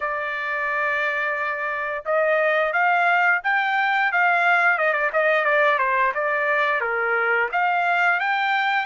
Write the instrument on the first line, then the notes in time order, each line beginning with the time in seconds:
trumpet
0.00 D5
2.05 D#5
2.72 F5
3.43 G5
4.12 F5
4.78 D#5
4.93 D5
5.12 D#5
5.44 D5
5.78 C5
6.14 D5
6.81 A#4
7.52 F5
8.20 G5